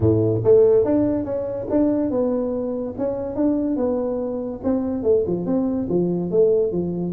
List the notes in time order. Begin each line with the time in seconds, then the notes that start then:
0.00 A2
0.43 A3
0.84 D4
1.24 C#4
1.69 D4
2.10 B3
2.98 C#4
3.35 D4
3.76 B3
4.63 C4
5.03 A3
5.27 F3
5.46 C4
5.88 F3
6.30 A3
6.72 F3